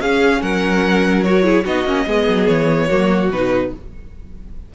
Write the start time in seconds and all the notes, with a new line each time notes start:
0.00 C#4 G#4 F5
0.41 F#3 A#4 F#5
1.23 F#4 C#5
1.43 E4 G#4
1.64 B3 D#4 F#4 D#5
1.84 A#3 C#4
2.07 G#3 B3 G#4
2.28 F#3
2.47 E3 C#5
2.87 F#3 A#3 F#4
3.30 B2 D#4 B4